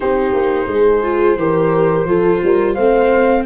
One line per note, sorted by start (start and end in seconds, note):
0.00 0.33 C4
0.00 1.02 D#4
0.00 0.69 G4
0.00 2.74 C5
0.33 0.67 A#3
0.67 1.36 G#3
0.67 1.38 G#4
1.02 1.37 F4
1.36 2.05 E3
1.36 2.07 G4
1.36 2.07 A#4
2.05 2.39 F3
2.05 2.76 F4
2.05 2.42 A4
2.43 2.77 G3
2.43 2.73 A#4
2.73 3.46 A3
2.73 3.46 C4
2.73 3.42 C5
2.73 3.43 F5